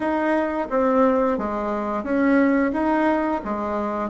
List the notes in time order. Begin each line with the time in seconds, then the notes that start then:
0.00 D#4
0.69 C4
1.38 G#3
2.03 C#4
2.73 D#4
3.44 G#3